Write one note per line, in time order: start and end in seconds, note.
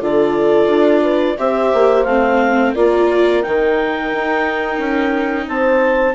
0.00 0.67 D3
0.00 1.36 F4
0.00 1.02 A4
0.00 1.38 D5
0.67 1.35 D4
1.02 1.36 B4
1.38 1.72 C4
1.38 2.06 G4
1.38 2.73 C5
1.38 2.04 E5
1.73 2.05 A#3
2.04 2.73 A3
2.04 2.75 C4
2.04 2.72 F5
2.73 3.44 A#3
2.73 3.42 F4
2.73 5.46 A#4
2.73 3.42 D5
3.42 4.12 D#3
3.42 6.15 D#4
3.42 5.47 G5
4.12 4.78 D#4
4.78 5.46 C#4
5.47 6.15 C4
5.47 6.15 C5
5.47 6.15 A5